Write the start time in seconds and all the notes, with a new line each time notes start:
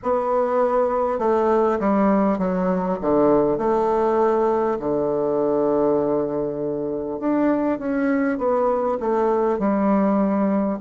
0.02 B3
1.18 A3
1.79 G3
2.38 F#3
3.01 D3
3.58 A3
4.79 D3
7.19 D4
7.78 C#4
8.38 B3
8.99 A3
9.58 G3